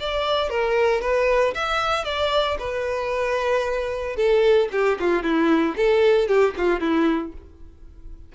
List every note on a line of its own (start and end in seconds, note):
0.00 0.50 D5
0.50 1.02 A#4
1.02 1.54 B4
1.55 2.05 E5
2.05 2.58 D5
2.59 4.17 B4
4.17 4.69 A4
4.72 4.98 G4
5.00 5.23 F4
5.23 5.76 E4
5.77 6.28 A4
6.28 6.55 G4
6.58 6.80 F4
6.80 7.33 E4